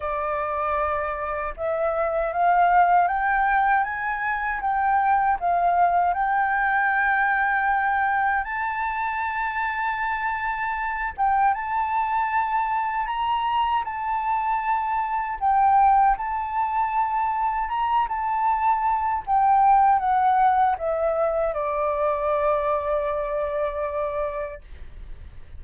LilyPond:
\new Staff \with { instrumentName = "flute" } { \time 4/4 \tempo 4 = 78 d''2 e''4 f''4 | g''4 gis''4 g''4 f''4 | g''2. a''4~ | a''2~ a''8 g''8 a''4~ |
a''4 ais''4 a''2 | g''4 a''2 ais''8 a''8~ | a''4 g''4 fis''4 e''4 | d''1 | }